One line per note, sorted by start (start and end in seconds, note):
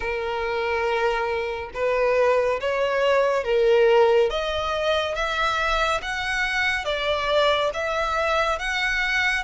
0.00 1.70 A#4
1.74 2.59 B4
2.60 3.44 C#5
3.44 4.29 A#4
4.29 5.15 D#5
5.15 6.00 E5
6.02 6.84 F#5
6.84 7.70 D5
7.73 8.58 E5
8.58 9.43 F#5